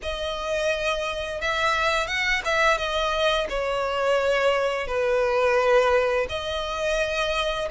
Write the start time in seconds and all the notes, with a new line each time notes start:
0.02 D#5
1.41 E5
2.07 F#5
2.45 E5
2.77 D#5
3.49 C#5
4.87 B4
6.29 D#5